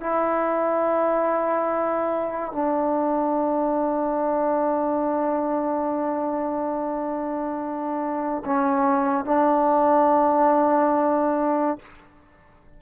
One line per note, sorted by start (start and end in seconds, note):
0.00 2.52 E4
2.52 8.43 D4
8.44 9.25 C#4
9.25 11.78 D4